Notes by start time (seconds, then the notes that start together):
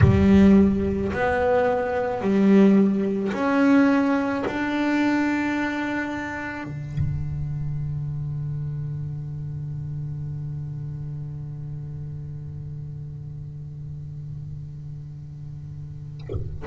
0.01 G3
1.12 B3
2.21 G3
3.32 C#4
4.46 D4
6.64 D3